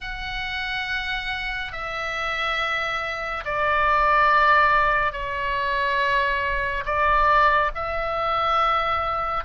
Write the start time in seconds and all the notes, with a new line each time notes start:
0.00 F#5
1.72 E5
3.44 D5
5.12 C#5
6.85 D5
7.75 E5